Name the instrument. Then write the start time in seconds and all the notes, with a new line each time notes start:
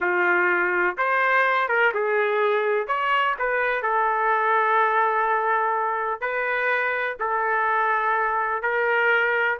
trumpet
0.00 F4
0.97 C5
1.68 A#4
1.93 G#4
2.87 C#5
3.38 B4
3.82 A4
6.21 B4
7.19 A4
8.62 A#4